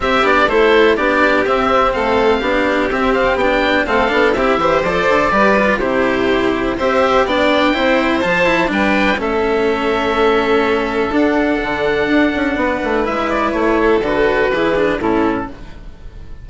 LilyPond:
<<
  \new Staff \with { instrumentName = "oboe" } { \time 4/4 \tempo 4 = 124 e''8 d''8 c''4 d''4 e''4 | f''2 e''8 f''8 g''4 | f''4 e''4 d''2 | c''2 e''4 g''4~ |
g''4 a''4 g''4 e''4~ | e''2. fis''4~ | fis''2. e''8 d''8 | cis''4 b'2 a'4 | }
  \new Staff \with { instrumentName = "violin" } { \time 4/4 g'4 a'4 g'2 | a'4 g'2. | a'4 g'8 c''4. b'4 | g'2 c''4 d''4 |
c''2 b'4 a'4~ | a'1~ | a'2 b'2~ | b'8 a'4. gis'4 e'4 | }
  \new Staff \with { instrumentName = "cello" } { \time 4/4 c'8 d'8 e'4 d'4 c'4~ | c'4 d'4 c'4 d'4 | c'8 d'8 e'8 g'8 a'4 g'8 f'8 | e'2 g'4 d'4 |
e'4 f'8 e'8 d'4 cis'4~ | cis'2. d'4~ | d'2. e'4~ | e'4 fis'4 e'8 d'8 cis'4 | }
  \new Staff \with { instrumentName = "bassoon" } { \time 4/4 c'8 b8 a4 b4 c'4 | a4 b4 c'4 b4 | a8 b8 c'8 e8 f8 d8 g4 | c2 c'4 b4 |
c'4 f4 g4 a4~ | a2. d'4 | d4 d'8 cis'8 b8 a8 gis4 | a4 d4 e4 a,4 | }
>>